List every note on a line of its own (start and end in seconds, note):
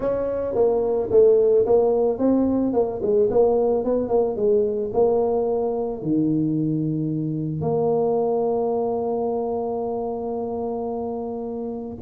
0.00 0.54 C#4
0.54 1.09 A#3
1.11 1.65 A3
1.66 2.18 A#3
2.18 2.73 C4
2.73 3.00 A#3
3.02 3.29 G#3
3.30 3.84 A#3
3.84 4.08 B3
4.08 4.35 A#3
4.36 4.90 G#3
4.93 6.02 A#3
6.02 7.61 D#3
7.61 11.97 A#3